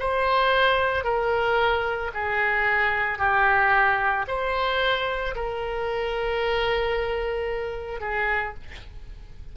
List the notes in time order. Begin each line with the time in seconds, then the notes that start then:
0.00 C5
1.04 A#4
2.14 G#4
3.19 G4
4.28 C5
5.35 A#4
8.01 G#4